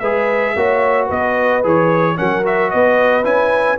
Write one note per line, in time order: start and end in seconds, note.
0.00 0.56 G#3
0.00 0.57 G#4
0.00 0.55 B4
0.00 1.08 E5
0.56 1.10 A#3
0.56 1.64 F#4
0.56 1.07 C#5
1.07 1.65 B3
1.07 2.15 B4
1.07 1.65 D#5
1.64 2.19 E3
1.64 2.17 G#4
1.64 2.18 C#5
2.17 2.74 F#3
2.17 2.44 C#4
2.17 2.72 A#4
2.17 2.45 F#5
2.44 3.24 F#4
2.44 2.71 E5
2.71 3.25 B3
2.71 3.79 B4
2.71 3.25 D#5
3.24 3.79 C#4
3.24 3.78 E4
3.24 3.79 G#5